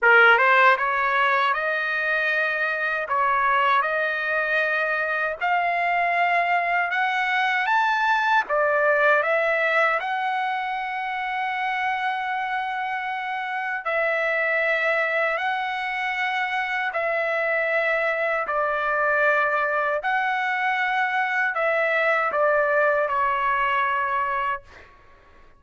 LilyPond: \new Staff \with { instrumentName = "trumpet" } { \time 4/4 \tempo 4 = 78 ais'8 c''8 cis''4 dis''2 | cis''4 dis''2 f''4~ | f''4 fis''4 a''4 d''4 | e''4 fis''2.~ |
fis''2 e''2 | fis''2 e''2 | d''2 fis''2 | e''4 d''4 cis''2 | }